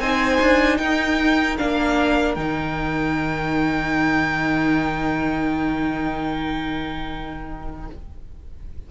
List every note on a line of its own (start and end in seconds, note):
0.00 0.39 C4
0.00 1.58 D#4
0.00 0.79 C5
0.00 0.78 G#5
0.42 0.79 D4
0.78 1.58 D#4
0.78 7.90 A#4
0.78 1.57 G5
1.58 2.37 A#3
1.58 2.37 D4
1.58 2.35 F5
2.35 7.89 D#3
2.35 7.91 D#4
2.35 7.87 G5